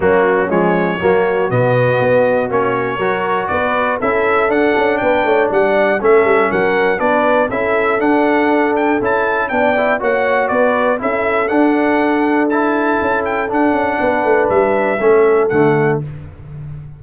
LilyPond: <<
  \new Staff \with { instrumentName = "trumpet" } { \time 4/4 \tempo 4 = 120 fis'4 cis''2 dis''4~ | dis''4 cis''2 d''4 | e''4 fis''4 g''4 fis''4 | e''4 fis''4 d''4 e''4 |
fis''4. g''8 a''4 g''4 | fis''4 d''4 e''4 fis''4~ | fis''4 a''4. g''8 fis''4~ | fis''4 e''2 fis''4 | }
  \new Staff \with { instrumentName = "horn" } { \time 4/4 cis'2 fis'2~ | fis'2 ais'4 b'4 | a'2 b'8 cis''8 d''4 | a'4 ais'4 b'4 a'4~ |
a'2. d''4 | cis''4 b'4 a'2~ | a'1 | b'2 a'2 | }
  \new Staff \with { instrumentName = "trombone" } { \time 4/4 ais4 gis4 ais4 b4~ | b4 cis'4 fis'2 | e'4 d'2. | cis'2 d'4 e'4 |
d'2 e'4 d'8 e'8 | fis'2 e'4 d'4~ | d'4 e'2 d'4~ | d'2 cis'4 a4 | }
  \new Staff \with { instrumentName = "tuba" } { \time 4/4 fis4 f4 fis4 b,4 | b4 ais4 fis4 b4 | cis'4 d'8 cis'8 b8 a8 g4 | a8 g8 fis4 b4 cis'4 |
d'2 cis'4 b4 | ais4 b4 cis'4 d'4~ | d'2 cis'4 d'8 cis'8 | b8 a8 g4 a4 d4 | }
>>